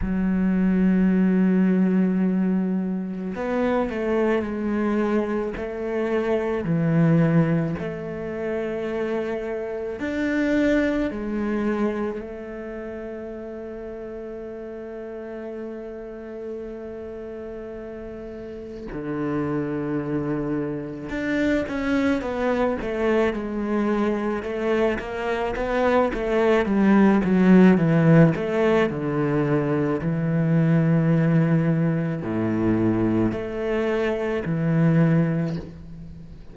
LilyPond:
\new Staff \with { instrumentName = "cello" } { \time 4/4 \tempo 4 = 54 fis2. b8 a8 | gis4 a4 e4 a4~ | a4 d'4 gis4 a4~ | a1~ |
a4 d2 d'8 cis'8 | b8 a8 gis4 a8 ais8 b8 a8 | g8 fis8 e8 a8 d4 e4~ | e4 a,4 a4 e4 | }